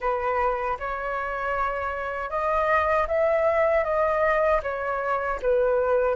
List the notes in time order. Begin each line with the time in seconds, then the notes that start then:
0.00 B4
0.79 C#5
2.29 D#5
3.07 E5
3.84 D#5
4.62 C#5
5.42 B4